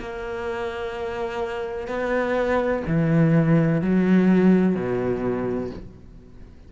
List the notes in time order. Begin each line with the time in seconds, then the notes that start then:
0.00 A#3
1.88 B3
2.87 E3
3.82 F#3
4.75 B2